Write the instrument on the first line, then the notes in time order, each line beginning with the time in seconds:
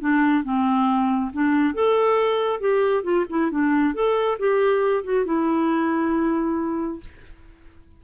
clarinet
0.00 D4
0.44 C4
1.33 D4
1.74 A4
2.60 G4
3.03 F4
3.29 E4
3.51 D4
3.94 A4
4.39 G4
5.04 F#4
5.25 E4